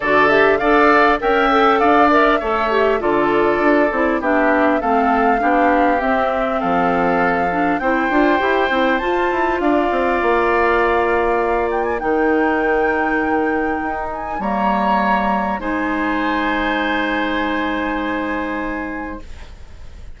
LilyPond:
<<
  \new Staff \with { instrumentName = "flute" } { \time 4/4 \tempo 4 = 100 d''8 e''8 f''4 g''4 f''8 e''8~ | e''4 d''2 e''4 | f''2 e''4 f''4~ | f''4 g''2 a''4 |
f''2.~ f''8 g''16 gis''16 | g''2.~ g''8 gis''8 | ais''2 gis''2~ | gis''1 | }
  \new Staff \with { instrumentName = "oboe" } { \time 4/4 a'4 d''4 e''4 d''4 | cis''4 a'2 g'4 | a'4 g'2 a'4~ | a'4 c''2. |
d''1 | ais'1 | cis''2 c''2~ | c''1 | }
  \new Staff \with { instrumentName = "clarinet" } { \time 4/4 fis'8 g'8 a'4 ais'8 a'4 ais'8 | a'8 g'8 f'4. e'8 d'4 | c'4 d'4 c'2~ | c'8 d'8 e'8 f'8 g'8 e'8 f'4~ |
f'1 | dis'1 | ais2 dis'2~ | dis'1 | }
  \new Staff \with { instrumentName = "bassoon" } { \time 4/4 d4 d'4 cis'4 d'4 | a4 d4 d'8 c'8 b4 | a4 b4 c'4 f4~ | f4 c'8 d'8 e'8 c'8 f'8 e'8 |
d'8 c'8 ais2. | dis2. dis'4 | g2 gis2~ | gis1 | }
>>